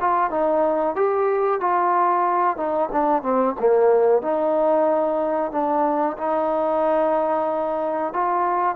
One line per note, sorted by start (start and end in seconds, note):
0.00 0.30 F4
0.30 0.95 D#4
0.95 1.60 G4
1.60 2.56 F4
2.56 2.89 D#4
2.92 3.22 D4
3.22 3.55 C4
3.59 4.22 A#3
4.22 5.52 D#4
5.52 6.17 D4
6.17 8.13 D#4
8.13 8.75 F4